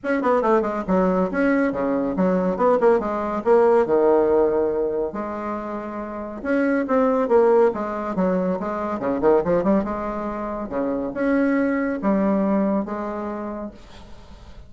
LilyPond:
\new Staff \with { instrumentName = "bassoon" } { \time 4/4 \tempo 4 = 140 cis'8 b8 a8 gis8 fis4 cis'4 | cis4 fis4 b8 ais8 gis4 | ais4 dis2. | gis2. cis'4 |
c'4 ais4 gis4 fis4 | gis4 cis8 dis8 f8 g8 gis4~ | gis4 cis4 cis'2 | g2 gis2 | }